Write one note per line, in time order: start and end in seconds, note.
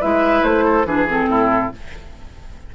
0.00 0.43 G#3
0.00 0.86 E4
0.00 0.65 B4
0.00 0.44 E5
0.43 0.85 A3
0.43 0.86 C5
0.65 0.86 A4
0.85 1.28 E3
0.85 1.07 D4
0.85 1.30 G#4
0.85 1.07 B4
1.08 1.72 C4
1.08 1.75 A4
1.28 1.72 A2
1.28 1.73 E4